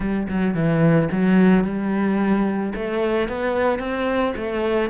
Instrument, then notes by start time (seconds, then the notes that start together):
cello
0.00 G3
0.28 F#3
0.54 E3
1.11 F#3
1.64 G3
2.74 A3
3.28 B3
3.79 C4
4.36 A3